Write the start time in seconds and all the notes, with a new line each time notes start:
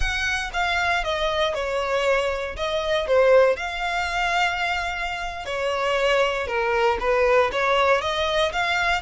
0.00 F#5
0.53 F5
1.04 D#5
1.54 C#5
2.56 D#5
3.07 C5
3.56 F5
5.45 C#5
6.47 A#4
7.00 B4
7.51 C#5
8.01 D#5
8.52 F5